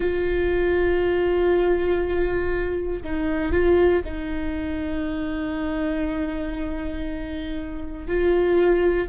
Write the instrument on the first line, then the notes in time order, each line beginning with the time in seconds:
viola
0.00 F4
3.03 D#4
3.52 F4
4.04 D#4
8.07 F4